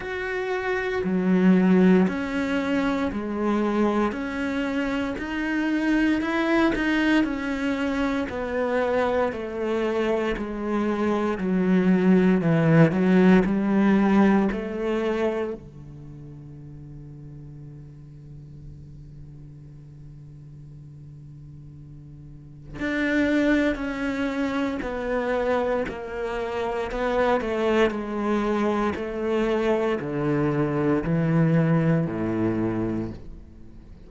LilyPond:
\new Staff \with { instrumentName = "cello" } { \time 4/4 \tempo 4 = 58 fis'4 fis4 cis'4 gis4 | cis'4 dis'4 e'8 dis'8 cis'4 | b4 a4 gis4 fis4 | e8 fis8 g4 a4 d4~ |
d1~ | d2 d'4 cis'4 | b4 ais4 b8 a8 gis4 | a4 d4 e4 a,4 | }